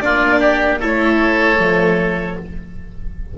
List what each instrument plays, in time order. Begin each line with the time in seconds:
0.00 double bass A#3, viola D4, oboe F4, violin D5
0.40 oboe G4
0.80 double bass A3, viola E4, oboe A4, violin C#5
1.58 double bass F3, viola A3